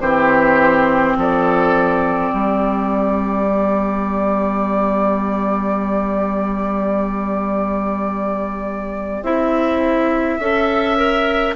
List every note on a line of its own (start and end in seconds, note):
0.00 1.15 E3
0.00 3.47 C4
0.00 1.16 G4
0.00 1.16 C5
1.16 2.31 F3
1.16 2.34 A4
1.16 9.23 D5
2.33 9.22 G3
2.33 10.39 G4
3.47 9.24 B3
9.22 10.37 C4
9.22 10.39 E4
9.22 11.54 E5
10.39 11.54 C#4
10.39 10.97 A4
10.39 11.54 E5
10.97 11.54 A#4